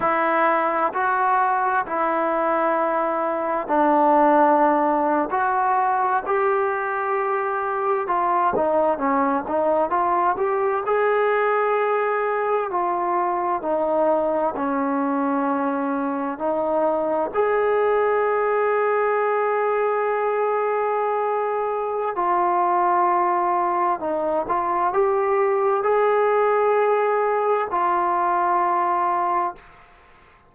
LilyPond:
\new Staff \with { instrumentName = "trombone" } { \time 4/4 \tempo 4 = 65 e'4 fis'4 e'2 | d'4.~ d'16 fis'4 g'4~ g'16~ | g'8. f'8 dis'8 cis'8 dis'8 f'8 g'8 gis'16~ | gis'4.~ gis'16 f'4 dis'4 cis'16~ |
cis'4.~ cis'16 dis'4 gis'4~ gis'16~ | gis'1 | f'2 dis'8 f'8 g'4 | gis'2 f'2 | }